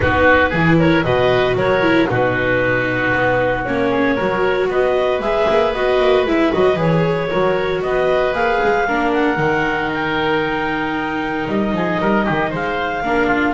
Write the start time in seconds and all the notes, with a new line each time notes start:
0.00 B3 D#4 F#4 B4
0.49 E3 E4 G#4
0.79 A#4 C#5
1.03 B2 F#4 B4 D#5
1.55 F#3 A#4 C#5
1.82 E4
2.08 B2 D#4 F#4 B4
3.14 B3
3.64 A#3 C#4 C#5
3.90 G#4
4.15 F#3 F#4 A#4
4.68 B3 B4 D#5
5.19 G#3 G#4 E5
5.49 A#3
5.73 B3 F#4 D#5
5.99 A#3
6.25 G#3 E4 E5
6.52 F#3 F#4 D#5
6.76 E3 G#4 C#5
7.29 F#3 F#4 A#4
7.82 B3 B4 D#5
8.33 A#3 G#4 F5
8.63 G#3
8.87 A#3 D4 A#4
9.12 F#5
9.37 D#3 D#4
9.93 G5
11.47 G3 D#5
11.72 F3 G#4
12.00 G3 A#4
12.25 D#3 G4
12.50 G#3 C5 F5
13.02 A#3 D4 A#4
13.27 F4